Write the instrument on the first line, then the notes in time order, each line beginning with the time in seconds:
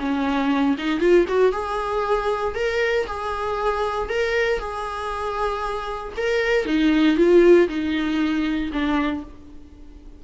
viola
0.00 C#4
0.79 D#4
1.00 F4
1.28 F#4
1.53 G#4
2.55 A#4
3.07 G#4
4.10 A#4
4.59 G#4
6.17 A#4
6.66 D#4
7.17 F4
7.69 D#4
8.73 D4